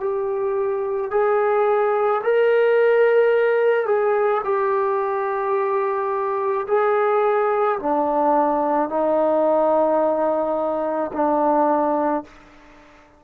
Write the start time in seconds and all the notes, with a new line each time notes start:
0.00 G4
1.11 G#4
2.24 A#4
3.86 G#4
4.44 G4
6.68 G#4
7.79 D4
8.89 D#4
11.13 D4